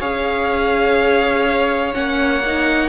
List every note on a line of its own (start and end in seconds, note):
0.00 1.94 C#4
0.00 1.94 G#4
0.00 2.89 C#5
0.00 1.94 F5
1.94 2.89 A#3
1.94 2.42 C#4
1.94 2.89 F#5
2.46 2.89 D#4